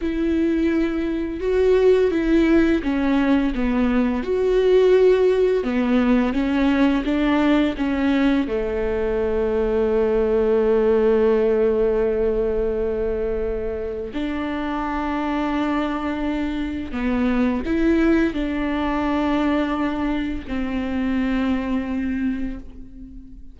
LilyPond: \new Staff \with { instrumentName = "viola" } { \time 4/4 \tempo 4 = 85 e'2 fis'4 e'4 | cis'4 b4 fis'2 | b4 cis'4 d'4 cis'4 | a1~ |
a1 | d'1 | b4 e'4 d'2~ | d'4 c'2. | }